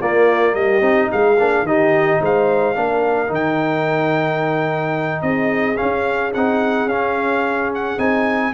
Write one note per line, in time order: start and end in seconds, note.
0.00 0.54 A#3
0.00 0.82 A#3
0.00 0.55 F4
0.00 0.55 D5
0.54 0.82 G3
0.54 1.11 G4
0.54 1.10 D#5
0.82 1.09 C4
0.82 1.37 D#4
1.12 1.40 G#3
1.12 1.67 G#4
1.12 1.67 F5
1.39 1.63 A#3
1.39 1.67 D4
1.63 2.18 D#3
1.63 2.75 D#4
1.63 2.21 G4
1.63 2.22 D#5
2.21 2.76 G#3
2.21 2.76 C5
2.21 3.34 F5
2.75 3.30 A#3
2.75 3.28 D4
2.75 5.25 A#4
3.28 5.23 D#3
3.28 5.76 D#4
3.34 5.22 G5
5.22 5.78 C4
5.22 8.54 G#4
5.22 5.77 D#5
5.77 6.32 C#4
5.77 6.35 C#4
5.77 6.32 F5
6.34 6.86 C4
6.34 6.90 D#4
6.34 6.89 F#5
6.86 7.96 C#4
6.86 7.98 C#4
6.86 7.72 F5
7.75 7.99 F#5
7.98 8.54 C4
7.98 8.53 D#4
7.98 8.54 G#5